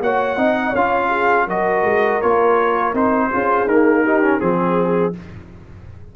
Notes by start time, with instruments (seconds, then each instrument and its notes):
0.00 tuba A#3, trombone F#4, horn C#5, trumpet F#5
0.37 tuba C4, trombone D#4, horn D#5
0.70 tuba C#4, horn C#5, trumpet F5
0.76 trombone F4
1.09 horn G#4
1.46 tuba F#3, trombone F#4, horn A#4, trumpet D#5
1.83 tuba G#3
2.21 tuba A#3, trombone F4, trumpet C#5
2.93 tuba C4, trombone D#4, trumpet C5
3.31 tuba C#4, trombone F4, horn G#4
3.65 trombone A#3, tuba D#4, trumpet A#4
4.03 trombone D#4, horn G4
4.22 trombone C#4
4.40 tuba F3, trombone C4, trumpet G#4, horn G#4